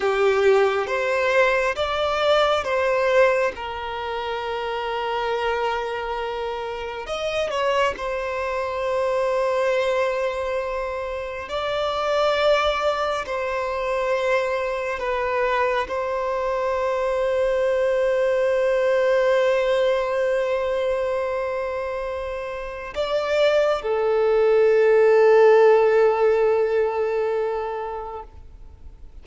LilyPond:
\new Staff \with { instrumentName = "violin" } { \time 4/4 \tempo 4 = 68 g'4 c''4 d''4 c''4 | ais'1 | dis''8 cis''8 c''2.~ | c''4 d''2 c''4~ |
c''4 b'4 c''2~ | c''1~ | c''2 d''4 a'4~ | a'1 | }